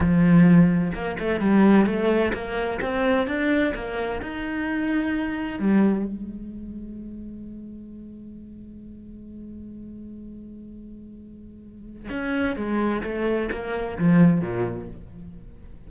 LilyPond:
\new Staff \with { instrumentName = "cello" } { \time 4/4 \tempo 4 = 129 f2 ais8 a8 g4 | a4 ais4 c'4 d'4 | ais4 dis'2. | g4 gis2.~ |
gis1~ | gis1~ | gis2 cis'4 gis4 | a4 ais4 f4 ais,4 | }